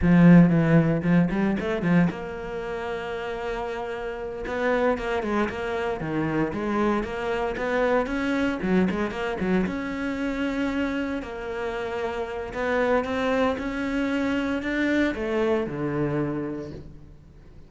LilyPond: \new Staff \with { instrumentName = "cello" } { \time 4/4 \tempo 4 = 115 f4 e4 f8 g8 a8 f8 | ais1~ | ais8 b4 ais8 gis8 ais4 dis8~ | dis8 gis4 ais4 b4 cis'8~ |
cis'8 fis8 gis8 ais8 fis8 cis'4.~ | cis'4. ais2~ ais8 | b4 c'4 cis'2 | d'4 a4 d2 | }